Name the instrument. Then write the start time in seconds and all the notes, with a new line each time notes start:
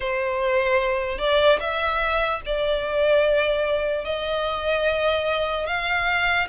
violin
0.00 C5
1.18 D5
1.60 E5
2.45 D5
4.05 D#5
5.66 F5